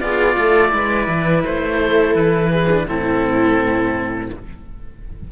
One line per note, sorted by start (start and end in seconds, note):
0.00 0.36 B3
0.00 0.69 F4
0.00 0.38 G#4
0.00 1.43 D5
0.37 0.73 A3
0.37 0.73 A4
0.69 1.08 G#3
0.69 2.65 E4
0.69 1.80 B4
1.08 1.43 E3
1.44 2.15 A3
1.44 2.15 C5
1.80 2.50 A4
2.15 2.86 E3
2.15 2.87 B4
2.50 2.86 G#4
2.71 2.87 D4
2.87 4.31 A2
2.87 4.30 C4
2.87 4.31 E4
2.87 4.31 A4